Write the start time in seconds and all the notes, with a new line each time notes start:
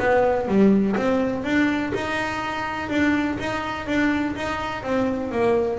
0.00 B3
0.48 G3
0.97 C4
1.45 D4
1.95 D#4
2.90 D4
3.40 D#4
3.87 D4
4.37 D#4
4.83 C4
5.32 A#3